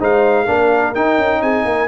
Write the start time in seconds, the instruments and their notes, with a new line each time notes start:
0.00 tuba G#3, trombone D#4, horn C5, trumpet F5
0.45 tuba A#3, trombone D4, horn A#4
0.95 trombone D#4, tuba D#4, trumpet G5
1.18 tuba C#4
1.42 tuba C4, horn G#4, trumpet G#5
1.65 tuba A#3, horn A#4